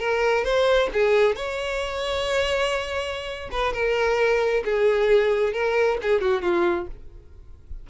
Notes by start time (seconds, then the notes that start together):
0.00 A#4
0.44 C5
0.93 G#4
1.36 C#5
3.52 B4
3.73 A#4
4.65 G#4
5.53 A#4
6.02 G#4
6.22 F#4
6.42 F4